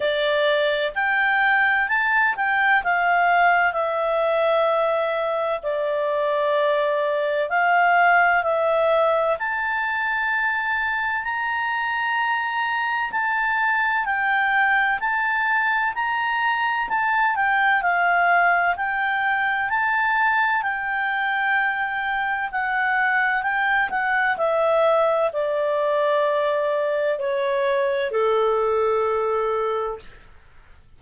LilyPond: \new Staff \with { instrumentName = "clarinet" } { \time 4/4 \tempo 4 = 64 d''4 g''4 a''8 g''8 f''4 | e''2 d''2 | f''4 e''4 a''2 | ais''2 a''4 g''4 |
a''4 ais''4 a''8 g''8 f''4 | g''4 a''4 g''2 | fis''4 g''8 fis''8 e''4 d''4~ | d''4 cis''4 a'2 | }